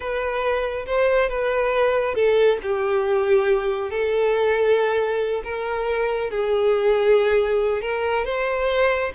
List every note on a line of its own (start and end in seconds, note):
0.00 0.85 B4
0.86 1.29 C5
1.29 2.14 B4
2.14 2.58 A4
2.62 3.90 G4
3.90 5.42 A4
5.44 6.30 A#4
6.30 7.81 G#4
7.81 8.25 A#4
8.25 9.12 C5